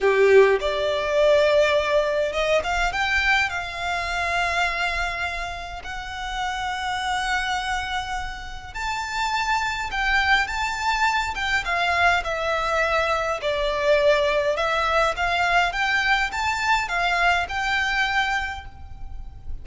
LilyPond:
\new Staff \with { instrumentName = "violin" } { \time 4/4 \tempo 4 = 103 g'4 d''2. | dis''8 f''8 g''4 f''2~ | f''2 fis''2~ | fis''2. a''4~ |
a''4 g''4 a''4. g''8 | f''4 e''2 d''4~ | d''4 e''4 f''4 g''4 | a''4 f''4 g''2 | }